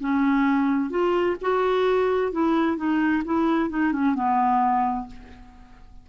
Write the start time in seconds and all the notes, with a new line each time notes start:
0.00 C#4
0.90 F4
1.42 F#4
2.32 E4
2.77 D#4
3.25 E4
3.70 D#4
3.92 C#4
4.15 B3